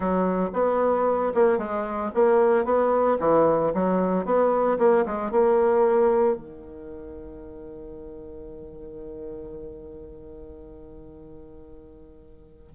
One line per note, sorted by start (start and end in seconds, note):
0.00 0.50 F#3
0.53 1.33 B3
1.34 1.58 A#3
1.58 2.11 G#3
2.14 2.64 A#3
2.64 3.17 B3
3.19 3.72 E3
3.74 4.25 F#3
4.25 4.78 B3
4.78 5.04 A#3
5.06 5.31 G#3
5.31 6.36 A#3
6.36 12.73 D#3